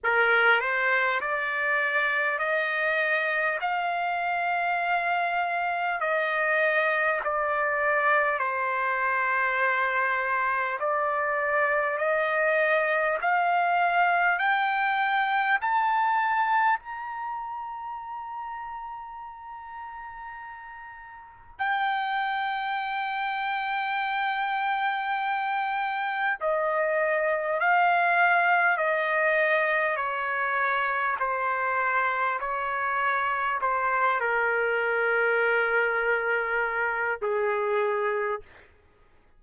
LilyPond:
\new Staff \with { instrumentName = "trumpet" } { \time 4/4 \tempo 4 = 50 ais'8 c''8 d''4 dis''4 f''4~ | f''4 dis''4 d''4 c''4~ | c''4 d''4 dis''4 f''4 | g''4 a''4 ais''2~ |
ais''2 g''2~ | g''2 dis''4 f''4 | dis''4 cis''4 c''4 cis''4 | c''8 ais'2~ ais'8 gis'4 | }